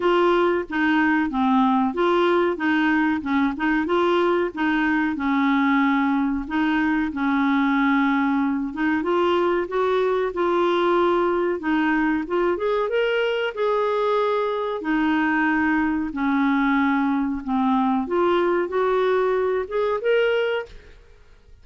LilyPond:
\new Staff \with { instrumentName = "clarinet" } { \time 4/4 \tempo 4 = 93 f'4 dis'4 c'4 f'4 | dis'4 cis'8 dis'8 f'4 dis'4 | cis'2 dis'4 cis'4~ | cis'4. dis'8 f'4 fis'4 |
f'2 dis'4 f'8 gis'8 | ais'4 gis'2 dis'4~ | dis'4 cis'2 c'4 | f'4 fis'4. gis'8 ais'4 | }